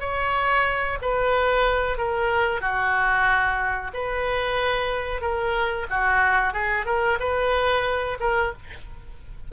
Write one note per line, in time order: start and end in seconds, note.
0.00 0.98 C#5
1.01 1.97 B4
1.97 2.61 A#4
2.61 3.91 F#4
3.94 5.21 B4
5.21 5.87 A#4
5.90 6.53 F#4
6.53 6.86 G#4
6.86 7.18 A#4
7.20 8.18 B4
8.20 8.53 A#4